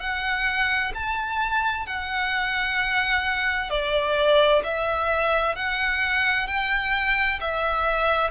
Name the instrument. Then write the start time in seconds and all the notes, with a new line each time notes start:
violin
0.00 F#5
0.94 A5
1.87 F#5
3.70 D5
4.64 E5
5.56 F#5
6.48 G5
7.41 E5